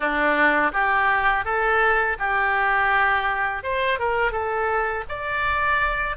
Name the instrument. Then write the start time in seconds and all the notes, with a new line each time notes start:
oboe
0.00 D4
0.72 G4
1.45 A4
2.19 G4
3.63 C5
3.99 A#4
4.31 A4
5.08 D5